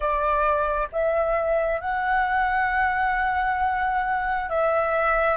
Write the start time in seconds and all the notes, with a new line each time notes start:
0.00 D5
0.92 E5
1.80 F#5
4.49 E5